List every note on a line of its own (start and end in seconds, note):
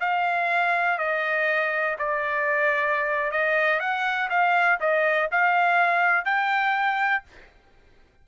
0.00 0.98 F5
0.98 1.96 D#5
1.98 3.31 D5
3.31 3.80 D#5
3.80 4.29 F#5
4.30 4.79 F5
4.80 5.29 D#5
5.31 6.25 F5
6.25 7.23 G5